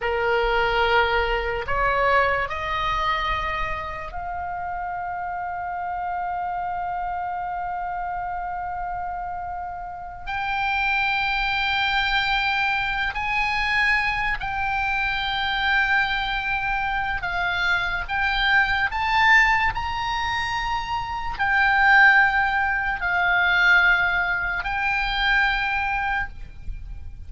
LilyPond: \new Staff \with { instrumentName = "oboe" } { \time 4/4 \tempo 4 = 73 ais'2 cis''4 dis''4~ | dis''4 f''2.~ | f''1~ | f''8 g''2.~ g''8 |
gis''4. g''2~ g''8~ | g''4 f''4 g''4 a''4 | ais''2 g''2 | f''2 g''2 | }